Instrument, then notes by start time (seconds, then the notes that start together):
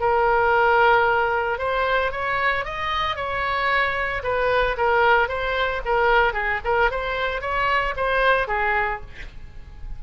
oboe
0.00 A#4
1.58 C5
2.11 C#5
2.65 D#5
3.16 C#5
4.23 B4
4.77 A#4
5.28 C5
5.85 A#4
6.33 G#4
6.64 A#4
6.91 C5
7.41 C#5
7.96 C5
8.48 G#4